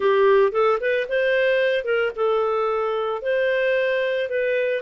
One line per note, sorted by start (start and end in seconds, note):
0.00 0.52 G4
0.52 0.78 A4
0.80 1.07 B4
1.09 1.84 C5
1.84 2.11 A#4
2.15 3.22 A4
3.22 4.29 C5
4.29 4.82 B4